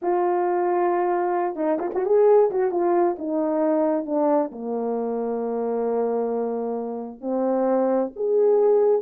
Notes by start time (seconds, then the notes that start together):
0.02 F4
1.55 D#4
1.79 F4
1.94 F#4
2.05 G#4
2.50 F#4
2.71 F4
3.18 D#4
4.05 D4
4.51 A#3
7.21 C4
8.16 G#4